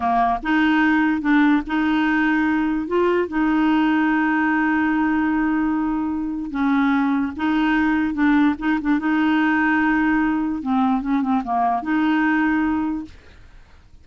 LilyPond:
\new Staff \with { instrumentName = "clarinet" } { \time 4/4 \tempo 4 = 147 ais4 dis'2 d'4 | dis'2. f'4 | dis'1~ | dis'1 |
cis'2 dis'2 | d'4 dis'8 d'8 dis'2~ | dis'2 c'4 cis'8 c'8 | ais4 dis'2. | }